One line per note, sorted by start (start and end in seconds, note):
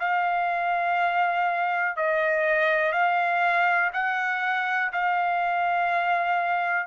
0.00 1.97 F5
1.97 2.93 D#5
2.93 3.91 F5
3.93 4.92 F#5
4.93 6.87 F5